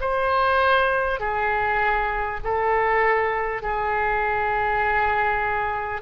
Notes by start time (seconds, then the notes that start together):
0.00 C5
1.19 G#4
2.44 A4
3.62 G#4